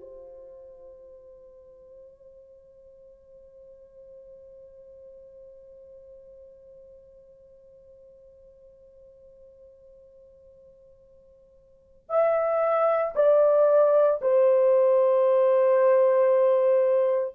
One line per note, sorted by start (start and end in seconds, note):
0.00 12.09 C5
12.09 13.14 E5
13.15 14.21 D5
14.21 17.34 C5